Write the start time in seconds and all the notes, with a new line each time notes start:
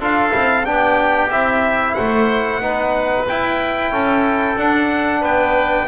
0.00 D4 F4 A4 F5
0.30 C4 E4
0.65 B3 D4 G4 G5
1.30 C4 E4 E5
1.94 A3 C5 F#5
2.60 B3 D#4 B4
3.28 E4 G5
3.91 C#4 A4
4.57 D4 F#5
5.21 B3 B4 G5